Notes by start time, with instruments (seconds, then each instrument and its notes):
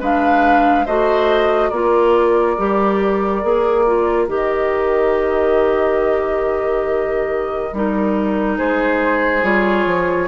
0.00 bassoon G#3, clarinet D4, oboe B4, flute F5
0.85 bassoon A3, clarinet F#4, oboe C5, flute D#5
1.69 bassoon A#3, clarinet F4, oboe A#4, flute D5
2.57 bassoon G3, clarinet G4
3.42 bassoon A#3, clarinet G#4
3.86 clarinet F4
4.28 bassoon D#3, clarinet G4, flute D#5
7.72 bassoon G3, clarinet D#4, flute A#4
8.57 bassoon G#3, oboe G#4, flute C5
9.42 bassoon G3, clarinet F4, flute C#5
9.85 bassoon F3